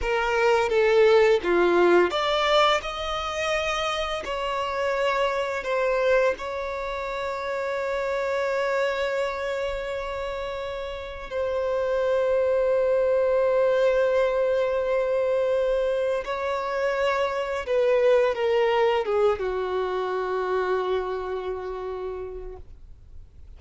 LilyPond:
\new Staff \with { instrumentName = "violin" } { \time 4/4 \tempo 4 = 85 ais'4 a'4 f'4 d''4 | dis''2 cis''2 | c''4 cis''2.~ | cis''1 |
c''1~ | c''2. cis''4~ | cis''4 b'4 ais'4 gis'8 fis'8~ | fis'1 | }